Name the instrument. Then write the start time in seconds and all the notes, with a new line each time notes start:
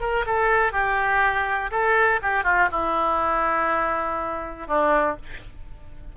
oboe
0.00 A#4
0.26 A4
0.72 G4
1.71 A4
2.22 G4
2.44 F4
2.71 E4
4.67 D4